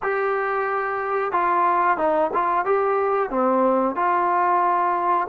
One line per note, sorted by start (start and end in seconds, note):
0.02 1.32 G4
1.32 1.97 F4
1.97 2.30 D#4
2.33 2.65 F4
2.65 3.30 G4
3.30 3.95 C4
3.95 5.27 F4